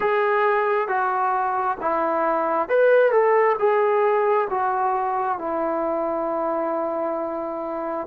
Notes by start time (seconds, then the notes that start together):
0.00 G#4
0.88 F#4
1.80 E4
2.69 B4
3.11 A4
3.58 G#4
4.50 F#4
5.38 E4